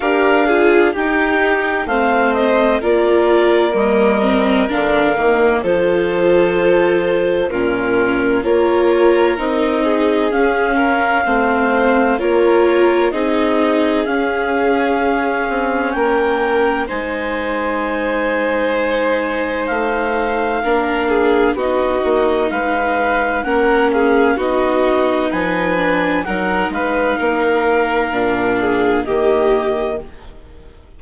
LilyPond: <<
  \new Staff \with { instrumentName = "clarinet" } { \time 4/4 \tempo 4 = 64 f''4 g''4 f''8 dis''8 d''4 | dis''4 f''4 c''2 | ais'4 cis''4 dis''4 f''4~ | f''4 cis''4 dis''4 f''4~ |
f''4 g''4 gis''2~ | gis''4 f''2 dis''4 | f''4 fis''8 f''8 dis''4 gis''4 | fis''8 f''2~ f''8 dis''4 | }
  \new Staff \with { instrumentName = "violin" } { \time 4/4 ais'8 gis'8 g'4 c''4 ais'4~ | ais'2 a'2 | f'4 ais'4. gis'4 ais'8 | c''4 ais'4 gis'2~ |
gis'4 ais'4 c''2~ | c''2 ais'8 gis'8 fis'4 | b'4 ais'8 gis'8 fis'4 b'4 | ais'8 b'8 ais'4. gis'8 g'4 | }
  \new Staff \with { instrumentName = "viola" } { \time 4/4 g'8 f'8 dis'4 c'4 f'4 | ais8 c'8 d'8 ais8 f'2 | cis'4 f'4 dis'4 cis'4 | c'4 f'4 dis'4 cis'4~ |
cis'2 dis'2~ | dis'2 d'4 dis'4~ | dis'4 cis'4 dis'4. d'8 | dis'2 d'4 ais4 | }
  \new Staff \with { instrumentName = "bassoon" } { \time 4/4 d'4 dis'4 a4 ais4 | g4 d8 dis8 f2 | ais,4 ais4 c'4 cis'4 | a4 ais4 c'4 cis'4~ |
cis'8 c'8 ais4 gis2~ | gis4 a4 ais4 b8 ais8 | gis4 ais4 b4 f4 | fis8 gis8 ais4 ais,4 dis4 | }
>>